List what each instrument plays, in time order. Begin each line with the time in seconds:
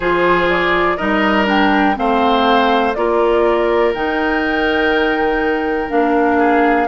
0.00 bassoon F3, clarinet F4, oboe G#4, flute C5
0.49 flute D5
0.97 bassoon G3, clarinet D#4, oboe A#4, flute D#5
1.45 clarinet D4, flute G5
1.95 bassoon A3, clarinet C4, oboe C5, flute F5
2.93 bassoon A#3, clarinet F4, oboe A#4, flute D5
3.94 bassoon D#3, clarinet D#4, flute G5
5.88 bassoon A#3, clarinet D4, flute F5
6.38 oboe G#4